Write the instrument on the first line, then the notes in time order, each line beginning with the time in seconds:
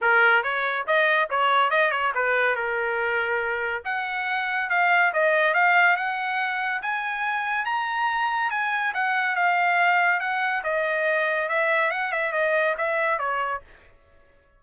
trumpet
0.01 A#4
0.43 C#5
0.86 D#5
1.30 C#5
1.70 D#5
1.91 C#5
2.15 B4
2.55 A#4
3.84 F#5
4.69 F5
5.13 D#5
5.53 F5
5.96 F#5
6.82 G#5
7.65 A#5
8.50 G#5
8.94 F#5
9.35 F5
10.20 F#5
10.63 D#5
11.48 E5
11.90 F#5
12.12 E5
12.32 D#5
12.77 E5
13.18 C#5